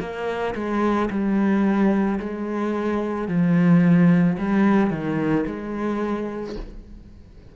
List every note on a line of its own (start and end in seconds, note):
0.00 0.55 A#3
0.55 1.10 G#3
1.11 2.20 G3
2.20 3.28 G#3
3.28 4.37 F3
4.39 4.91 G3
4.91 5.45 D#3
5.46 6.56 G#3